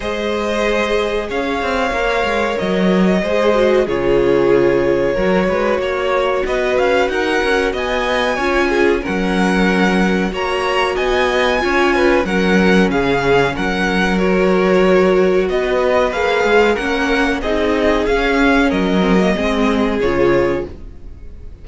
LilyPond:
<<
  \new Staff \with { instrumentName = "violin" } { \time 4/4 \tempo 4 = 93 dis''2 f''2 | dis''2 cis''2~ | cis''2 dis''8 f''8 fis''4 | gis''2 fis''2 |
ais''4 gis''2 fis''4 | f''4 fis''4 cis''2 | dis''4 f''4 fis''4 dis''4 | f''4 dis''2 cis''4 | }
  \new Staff \with { instrumentName = "violin" } { \time 4/4 c''2 cis''2~ | cis''4 c''4 gis'2 | ais'8 b'8 cis''4 b'4 ais'4 | dis''4 cis''8 gis'8 ais'2 |
cis''4 dis''4 cis''8 b'8 ais'4 | gis'4 ais'2. | b'2 ais'4 gis'4~ | gis'4 ais'4 gis'2 | }
  \new Staff \with { instrumentName = "viola" } { \time 4/4 gis'2. ais'4~ | ais'4 gis'8 fis'8 f'2 | fis'1~ | fis'4 f'4 cis'2 |
fis'2 f'4 cis'4~ | cis'2 fis'2~ | fis'4 gis'4 cis'4 dis'4 | cis'4. c'16 ais16 c'4 f'4 | }
  \new Staff \with { instrumentName = "cello" } { \time 4/4 gis2 cis'8 c'8 ais8 gis8 | fis4 gis4 cis2 | fis8 gis8 ais4 b8 cis'8 dis'8 cis'8 | b4 cis'4 fis2 |
ais4 b4 cis'4 fis4 | cis4 fis2. | b4 ais8 gis8 ais4 c'4 | cis'4 fis4 gis4 cis4 | }
>>